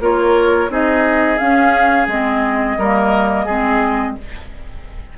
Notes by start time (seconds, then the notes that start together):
0.00 A#3 F4 A#4 C#5
0.69 C4 D#4 G#4 D#5
1.38 C#4 F5
2.07 G#3 C4 D#5
2.78 G3 A#3 A#4
3.45 G#3 C4 G#4